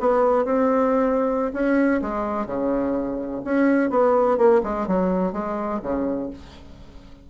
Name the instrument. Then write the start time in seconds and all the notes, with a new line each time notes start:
bassoon
0.00 B3
0.45 C4
1.53 C#4
2.02 G#3
2.46 C#3
3.45 C#4
3.90 B3
4.38 A#3
4.63 G#3
4.87 F#3
5.33 G#3
5.82 C#3